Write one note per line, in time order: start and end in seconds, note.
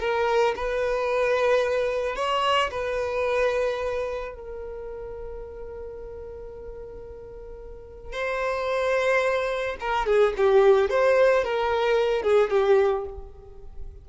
0.00 0.55 A#4
0.56 2.16 B4
2.16 2.70 C#5
2.71 4.34 B4
4.34 8.13 A#4
8.13 9.76 C5
9.80 10.06 A#4
10.06 10.34 G#4
10.37 10.90 G4
10.90 11.44 C5
11.44 12.23 A#4
12.23 12.50 G#4
12.50 13.05 G4